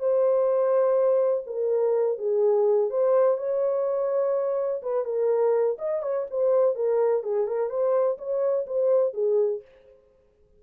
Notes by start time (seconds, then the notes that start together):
0.00 C5
1.47 A#4
2.18 G#4
2.90 C5
3.38 C#5
4.83 B4
5.06 A#4
5.79 D#5
6.03 C#5
6.31 C5
6.76 A#4
7.23 G#4
7.48 A#4
7.70 C5
8.18 C#5
8.67 C5
9.14 G#4